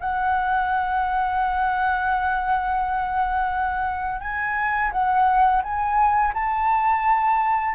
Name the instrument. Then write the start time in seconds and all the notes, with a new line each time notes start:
flute
0.00 F#5
4.20 G#5
4.92 F#5
5.62 G#5
6.33 A5